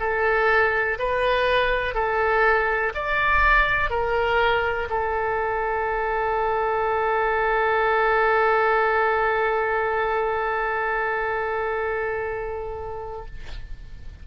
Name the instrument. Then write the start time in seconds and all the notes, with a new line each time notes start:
oboe
0.00 A4
0.99 B4
1.94 A4
2.95 D5
3.90 A#4
4.90 A4